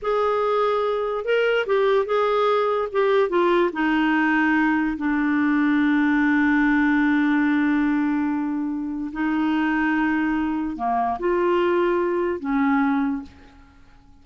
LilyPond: \new Staff \with { instrumentName = "clarinet" } { \time 4/4 \tempo 4 = 145 gis'2. ais'4 | g'4 gis'2 g'4 | f'4 dis'2. | d'1~ |
d'1~ | d'2 dis'2~ | dis'2 ais4 f'4~ | f'2 cis'2 | }